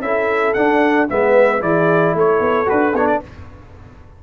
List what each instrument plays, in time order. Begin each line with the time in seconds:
0.00 tuba C#4, trombone E4, horn A4, trumpet E5
0.53 trombone D4, tuba D4, trumpet F#5
1.08 tuba G#3, trombone B3, horn B4, trumpet E5
1.60 tuba E3, trombone E4, horn G#4, trumpet D5
2.14 tuba A3, horn A4, trumpet C#5
2.39 tuba B3
2.65 tuba D4, trombone F#4, trumpet B4
2.93 tuba B3, trombone D4, trumpet C#5
3.06 trumpet D5